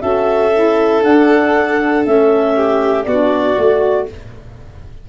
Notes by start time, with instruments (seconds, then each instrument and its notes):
0.00 tuba C#4, saxophone F#4, violin A4, clarinet E5
0.53 saxophone E4
1.02 saxophone D4, tuba D4, clarinet F#5
2.04 tuba A3, saxophone C#4, clarinet E5
2.55 violin G4
3.04 tuba B3, violin F#4, clarinet D5
3.10 saxophone D4
3.56 tuba A3, saxophone F#4